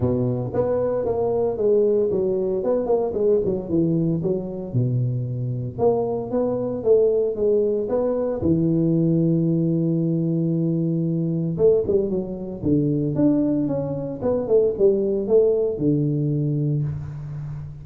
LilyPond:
\new Staff \with { instrumentName = "tuba" } { \time 4/4 \tempo 4 = 114 b,4 b4 ais4 gis4 | fis4 b8 ais8 gis8 fis8 e4 | fis4 b,2 ais4 | b4 a4 gis4 b4 |
e1~ | e2 a8 g8 fis4 | d4 d'4 cis'4 b8 a8 | g4 a4 d2 | }